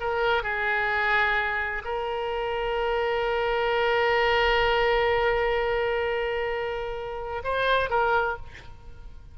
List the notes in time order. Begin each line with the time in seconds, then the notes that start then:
0.00 A#4
0.43 G#4
1.84 A#4
7.44 C5
7.90 A#4